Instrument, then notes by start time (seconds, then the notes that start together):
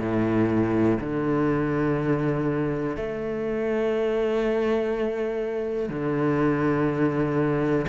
cello
0.00 A2
1.00 D3
2.97 A3
5.90 D3